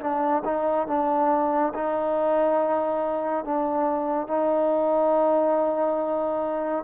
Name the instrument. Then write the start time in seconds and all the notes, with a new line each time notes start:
trombone
0.00 D4
0.44 D#4
0.87 D4
1.74 D#4
3.44 D4
4.27 D#4